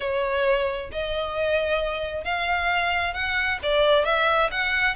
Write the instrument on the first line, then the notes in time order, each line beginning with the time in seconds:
violin
0.00 C#5
0.91 D#5
2.24 F5
3.13 F#5
3.62 D5
4.04 E5
4.51 F#5